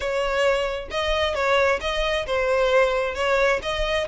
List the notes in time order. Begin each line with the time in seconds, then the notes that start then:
0.00 C#5
0.90 D#5
1.34 C#5
1.80 D#5
2.26 C5
3.15 C#5
3.62 D#5